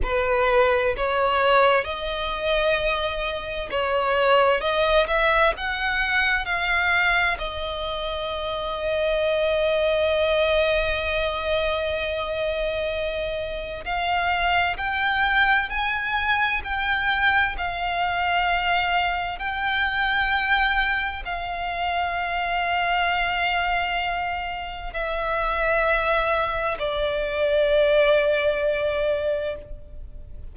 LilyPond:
\new Staff \with { instrumentName = "violin" } { \time 4/4 \tempo 4 = 65 b'4 cis''4 dis''2 | cis''4 dis''8 e''8 fis''4 f''4 | dis''1~ | dis''2. f''4 |
g''4 gis''4 g''4 f''4~ | f''4 g''2 f''4~ | f''2. e''4~ | e''4 d''2. | }